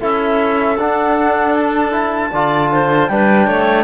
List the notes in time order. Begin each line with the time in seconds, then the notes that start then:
0.00 C#4 E4 A4 E5
0.77 D4 F#5
1.54 A5
1.92 E4
2.31 D3 F4 D5
2.72 C5
3.08 G3 D4 B4 G5
3.47 A3 C#5